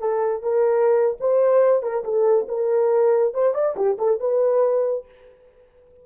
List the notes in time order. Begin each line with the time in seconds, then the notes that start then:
0.00 A4
0.43 A#4
1.20 C5
1.83 A#4
2.05 A4
2.48 A#4
3.34 C5
3.54 D5
3.76 G4
3.98 A4
4.20 B4